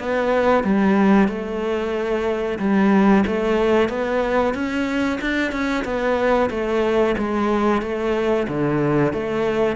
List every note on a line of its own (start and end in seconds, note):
0.00 0.64 B3
0.64 1.29 G3
1.29 2.59 A3
2.60 3.25 G3
3.27 3.90 A3
3.90 4.54 B3
4.54 5.20 C#4
5.21 5.52 D4
5.52 5.85 C#4
5.85 6.50 B3
6.51 7.16 A3
7.18 7.82 G#3
7.82 8.48 A3
8.48 9.13 D3
9.13 9.77 A3